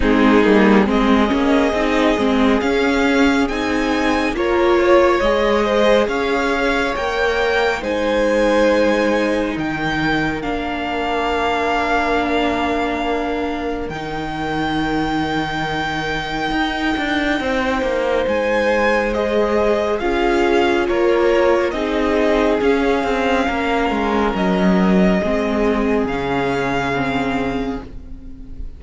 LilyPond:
<<
  \new Staff \with { instrumentName = "violin" } { \time 4/4 \tempo 4 = 69 gis'4 dis''2 f''4 | gis''4 cis''4 dis''4 f''4 | g''4 gis''2 g''4 | f''1 |
g''1~ | g''4 gis''4 dis''4 f''4 | cis''4 dis''4 f''2 | dis''2 f''2 | }
  \new Staff \with { instrumentName = "violin" } { \time 4/4 dis'4 gis'2.~ | gis'4 ais'8 cis''4 c''8 cis''4~ | cis''4 c''2 ais'4~ | ais'1~ |
ais'1 | c''2. gis'4 | ais'4 gis'2 ais'4~ | ais'4 gis'2. | }
  \new Staff \with { instrumentName = "viola" } { \time 4/4 c'8 ais8 c'8 cis'8 dis'8 c'8 cis'4 | dis'4 f'4 gis'2 | ais'4 dis'2. | d'1 |
dis'1~ | dis'2 gis'4 f'4~ | f'4 dis'4 cis'2~ | cis'4 c'4 cis'4 c'4 | }
  \new Staff \with { instrumentName = "cello" } { \time 4/4 gis8 g8 gis8 ais8 c'8 gis8 cis'4 | c'4 ais4 gis4 cis'4 | ais4 gis2 dis4 | ais1 |
dis2. dis'8 d'8 | c'8 ais8 gis2 cis'4 | ais4 c'4 cis'8 c'8 ais8 gis8 | fis4 gis4 cis2 | }
>>